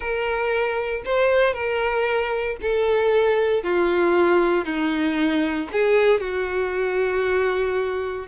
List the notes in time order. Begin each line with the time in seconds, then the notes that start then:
0.00 A#4
1.05 C5
1.53 A#4
2.61 A4
3.63 F4
4.65 D#4
5.72 G#4
6.20 F#4